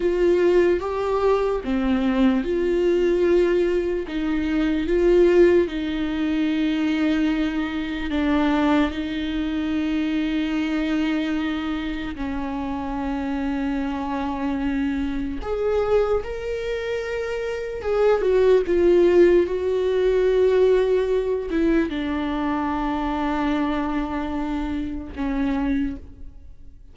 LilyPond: \new Staff \with { instrumentName = "viola" } { \time 4/4 \tempo 4 = 74 f'4 g'4 c'4 f'4~ | f'4 dis'4 f'4 dis'4~ | dis'2 d'4 dis'4~ | dis'2. cis'4~ |
cis'2. gis'4 | ais'2 gis'8 fis'8 f'4 | fis'2~ fis'8 e'8 d'4~ | d'2. cis'4 | }